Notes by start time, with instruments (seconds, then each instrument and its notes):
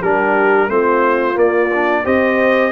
0.00 tuba G3, trombone D4, horn G4, trumpet A#4
0.68 tuba A3, trombone C4, horn F4, trumpet C5
1.34 trombone A#3, tuba A#3, trumpet D5
1.74 trombone D4
2.04 tuba C4, trombone G4, horn C5, trumpet D#5